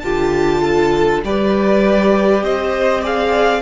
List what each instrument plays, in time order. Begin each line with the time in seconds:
0.00 cello D3, viola F4, violin G4 A5
0.62 violin A4
1.24 cello G3, viola G4, violin B4 D5
2.44 cello C4, violin C5 D#5
3.02 viola G#4, violin D5 F5